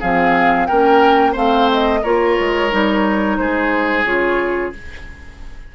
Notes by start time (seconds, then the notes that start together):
0.00 F3 C4 G#4 F5
0.66 A#3 C#4 A#4 G5
1.32 A3 C4 C5 F5
1.72 D#5
2.02 A#3 F4 A#4 C#5
2.39 G#3
2.70 G3 D#4
3.37 G#3 G#4 C5
4.04 C#3 F4 C#5